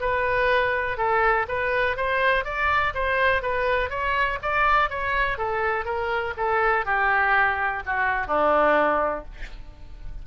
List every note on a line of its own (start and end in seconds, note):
0.00 0.98 B4
0.98 1.46 A4
1.48 1.97 B4
1.97 2.44 C5
2.44 2.93 D5
2.94 3.42 C5
3.42 3.90 B4
3.90 4.39 C#5
4.42 4.90 D5
4.90 5.38 C#5
5.38 5.85 A4
5.85 6.34 A#4
6.37 6.86 A4
6.86 7.83 G4
7.86 8.27 F#4
8.27 9.25 D4